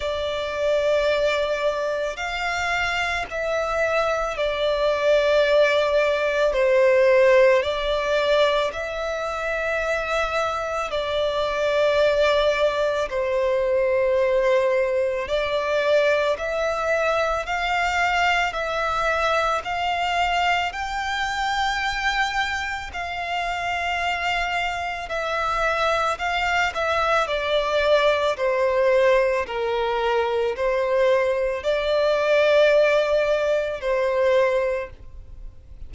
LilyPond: \new Staff \with { instrumentName = "violin" } { \time 4/4 \tempo 4 = 55 d''2 f''4 e''4 | d''2 c''4 d''4 | e''2 d''2 | c''2 d''4 e''4 |
f''4 e''4 f''4 g''4~ | g''4 f''2 e''4 | f''8 e''8 d''4 c''4 ais'4 | c''4 d''2 c''4 | }